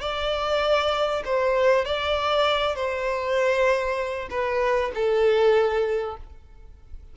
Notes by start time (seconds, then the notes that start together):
0.00 D5
1.25 C5
1.85 D5
2.75 C5
4.30 B4
4.94 A4